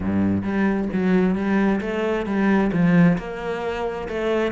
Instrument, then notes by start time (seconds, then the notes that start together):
cello
0.00 G2
0.43 G3
0.92 F#3
1.35 G3
1.80 A3
2.26 G3
2.72 F3
3.17 A#3
4.08 A3